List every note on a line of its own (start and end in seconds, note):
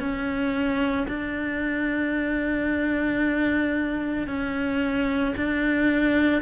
0.00 1.07 C#4
1.08 4.28 D4
4.28 5.35 C#4
5.37 6.42 D4